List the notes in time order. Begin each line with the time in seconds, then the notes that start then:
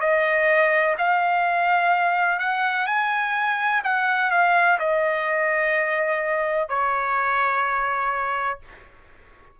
0.00 D#5
0.98 F5
2.39 F#5
2.86 G#5
3.84 F#5
4.30 F5
4.79 D#5
6.68 C#5